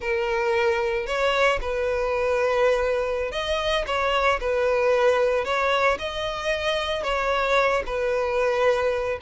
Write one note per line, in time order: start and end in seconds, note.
0.00 1.06 A#4
1.06 1.59 C#5
1.61 3.31 B4
3.31 3.84 D#5
3.86 4.39 C#5
4.40 5.44 B4
5.44 5.98 C#5
5.99 7.03 D#5
7.03 7.82 C#5
7.86 9.19 B4